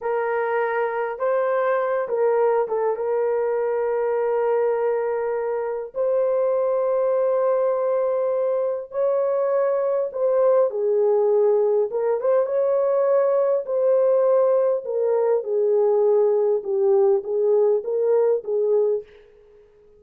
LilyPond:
\new Staff \with { instrumentName = "horn" } { \time 4/4 \tempo 4 = 101 ais'2 c''4. ais'8~ | ais'8 a'8 ais'2.~ | ais'2 c''2~ | c''2. cis''4~ |
cis''4 c''4 gis'2 | ais'8 c''8 cis''2 c''4~ | c''4 ais'4 gis'2 | g'4 gis'4 ais'4 gis'4 | }